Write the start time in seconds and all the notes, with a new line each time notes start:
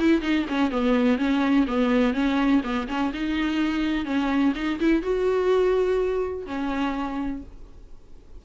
0.00 E4
0.22 D#4
0.49 C#4
0.71 B3
1.18 C#4
1.68 B3
2.14 C#4
2.64 B3
2.88 C#4
3.14 D#4
4.06 C#4
4.56 D#4
4.81 E4
5.03 F#4
6.47 C#4